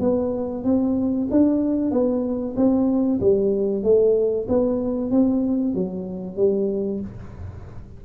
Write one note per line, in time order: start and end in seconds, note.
0.00 0.64 B3
0.64 1.28 C4
1.31 1.91 D4
1.91 2.55 B3
2.56 3.20 C4
3.20 3.83 G3
3.83 4.47 A3
4.48 5.10 B3
5.10 5.74 C4
5.74 6.36 F#3
6.36 7.00 G3